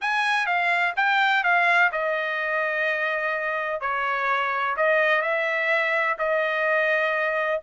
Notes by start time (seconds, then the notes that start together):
0.01 G#5
0.46 F5
0.96 G5
1.43 F5
1.92 D#5
3.81 C#5
4.76 D#5
5.21 E5
6.18 D#5